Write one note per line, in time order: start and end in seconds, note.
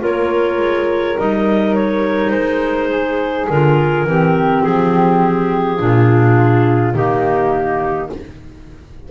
0.00 0.59 A#3
0.00 1.15 F4
0.00 2.90 A#4
0.00 1.19 C#5
0.59 1.16 G#3
1.18 2.32 G3
1.18 3.49 D#4
1.18 1.74 D#5
1.74 2.30 C#5
2.30 3.47 G#3
2.30 3.45 C5
2.90 4.06 G#4
3.49 4.04 D3
3.49 4.07 F4
3.49 4.63 A#4
4.04 4.61 E3
4.04 5.78 C4
4.10 5.81 G4
4.63 5.80 F3
4.63 6.94 G#4
5.78 6.94 A#2
5.78 6.93 D4
5.78 6.96 F4
6.94 8.10 D#3
6.94 8.10 A#3
6.94 8.11 D#4
6.94 8.10 G4